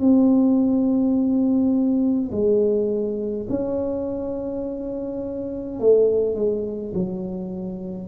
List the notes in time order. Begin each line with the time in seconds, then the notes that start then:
0.00 C4
2.32 G#3
3.49 C#4
5.80 A3
6.36 G#3
6.94 F#3